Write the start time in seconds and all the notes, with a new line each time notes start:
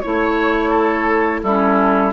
0.00 A3 E4 C#5
0.70 A4
1.43 G3 C#4 E4 A4